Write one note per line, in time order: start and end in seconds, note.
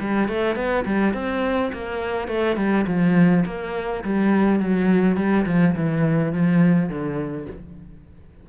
0.00 0.28 G3
0.28 0.55 A3
0.55 0.84 B3
0.85 1.14 G3
1.14 1.71 C4
1.73 2.28 A#3
2.28 2.56 A3
2.56 2.85 G3
2.87 3.45 F3
3.45 4.03 A#3
4.04 4.60 G3
4.60 5.16 F#3
5.16 5.45 G3
5.46 5.75 F3
5.75 6.33 E3
6.33 6.89 F3
6.89 7.47 D3